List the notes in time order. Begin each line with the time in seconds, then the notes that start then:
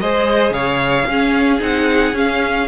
0.00 G#3 G#4 C5 D#5
0.50 C#3 C#5 F5
1.06 C#4 G#4
1.59 C4 D#4 F#5
2.13 C#4 F5